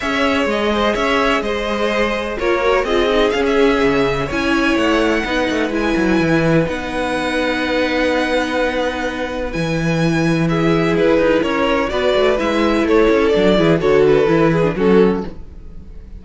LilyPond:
<<
  \new Staff \with { instrumentName = "violin" } { \time 4/4 \tempo 4 = 126 e''4 dis''4 e''4 dis''4~ | dis''4 cis''4 dis''4 f''16 e''8.~ | e''4 gis''4 fis''2 | gis''2 fis''2~ |
fis''1 | gis''2 e''4 b'4 | cis''4 d''4 e''4 cis''4 | d''4 cis''8 b'4. a'4 | }
  \new Staff \with { instrumentName = "violin" } { \time 4/4 cis''4. c''8 cis''4 c''4~ | c''4 ais'4 gis'2~ | gis'4 cis''2 b'4~ | b'1~ |
b'1~ | b'2 gis'2 | ais'4 b'2 a'4~ | a'8 gis'8 a'4. gis'8 fis'4 | }
  \new Staff \with { instrumentName = "viola" } { \time 4/4 gis'1~ | gis'4 f'8 fis'8 f'8 dis'8 cis'4~ | cis'4 e'2 dis'4 | e'2 dis'2~ |
dis'1 | e'1~ | e'4 fis'4 e'2 | d'8 e'8 fis'4 e'8. d'16 cis'4 | }
  \new Staff \with { instrumentName = "cello" } { \time 4/4 cis'4 gis4 cis'4 gis4~ | gis4 ais4 c'4 cis'4 | cis4 cis'4 a4 b8 a8 | gis8 fis8 e4 b2~ |
b1 | e2. e'8 dis'8 | cis'4 b8 a8 gis4 a8 cis'8 | fis8 e8 d4 e4 fis4 | }
>>